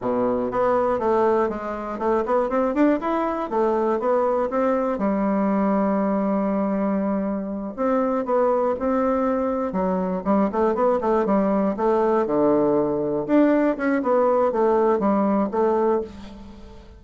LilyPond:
\new Staff \with { instrumentName = "bassoon" } { \time 4/4 \tempo 4 = 120 b,4 b4 a4 gis4 | a8 b8 c'8 d'8 e'4 a4 | b4 c'4 g2~ | g2.~ g8 c'8~ |
c'8 b4 c'2 fis8~ | fis8 g8 a8 b8 a8 g4 a8~ | a8 d2 d'4 cis'8 | b4 a4 g4 a4 | }